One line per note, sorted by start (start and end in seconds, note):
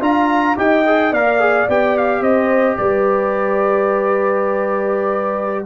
0.00 0.55 D4
0.00 0.56 F4
0.00 0.56 F5
0.00 0.57 A#5
0.56 1.12 D#4
0.56 0.83 G4
0.56 1.11 D#5
0.56 1.13 G5
0.86 1.14 G#4
1.11 1.67 A#3
1.11 1.39 A#4
1.11 2.21 D5
1.11 1.68 F5
1.39 1.67 G#4
1.68 2.21 B3
1.68 5.65 G4
1.68 1.97 G5
1.97 2.23 F5
2.21 2.76 C4
2.21 2.76 C5
2.21 2.77 D#5
2.77 5.65 G3
2.77 5.65 B4
2.77 5.65 D5